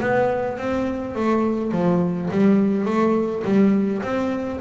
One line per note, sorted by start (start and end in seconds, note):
0.00 0.57 B3
0.57 1.15 C4
1.15 1.71 A3
1.71 2.29 F3
2.31 2.85 G3
2.85 3.42 A3
3.44 4.02 G3
4.02 4.60 C4